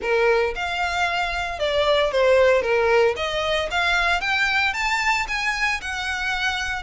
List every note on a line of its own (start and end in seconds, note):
0.01 0.54 A#4
0.55 1.59 F5
1.59 2.11 D5
2.11 2.62 C5
2.62 3.14 A#4
3.16 3.69 D#5
3.70 4.21 F5
4.21 4.73 G5
4.73 5.26 A5
5.28 5.80 G#5
5.81 6.82 F#5